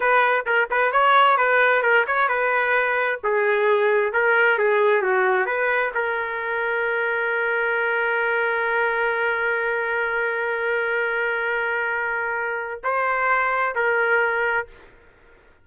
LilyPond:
\new Staff \with { instrumentName = "trumpet" } { \time 4/4 \tempo 4 = 131 b'4 ais'8 b'8 cis''4 b'4 | ais'8 cis''8 b'2 gis'4~ | gis'4 ais'4 gis'4 fis'4 | b'4 ais'2.~ |
ais'1~ | ais'1~ | ais'1 | c''2 ais'2 | }